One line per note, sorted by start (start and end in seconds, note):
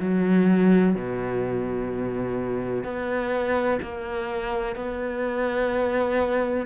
0.00 0.95 F#3
0.96 2.84 B2
2.84 3.80 B3
3.82 4.76 A#3
4.76 6.67 B3